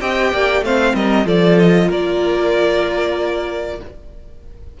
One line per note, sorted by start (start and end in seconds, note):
0.00 0.31 C4
0.00 0.63 G4
0.00 0.32 D#5
0.00 0.63 G5
0.31 0.61 A#3
0.31 0.64 D5
0.61 0.93 A3
0.61 1.25 C4
0.61 0.95 C5
0.61 0.95 F5
0.94 1.25 G3
0.94 1.26 A#4
0.94 1.27 D#5
1.25 1.88 F3
1.25 3.78 F4
1.25 1.87 A4
1.25 1.59 D5
1.59 1.91 D#5
1.87 3.79 A#3
1.87 3.77 A#4
1.87 3.80 D5